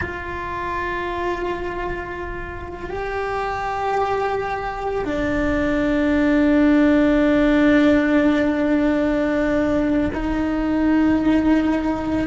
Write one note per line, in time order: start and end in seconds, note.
0.01 2.89 F4
2.89 5.04 G4
5.04 10.10 D4
10.13 12.27 D#4